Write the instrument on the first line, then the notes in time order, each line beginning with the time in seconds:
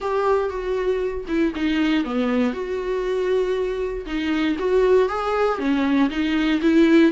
viola
0.00 G4
0.49 F#4
1.28 E4
1.55 D#4
2.04 B3
2.53 F#4
4.05 D#4
4.59 F#4
5.08 G#4
5.58 C#4
6.09 D#4
6.61 E4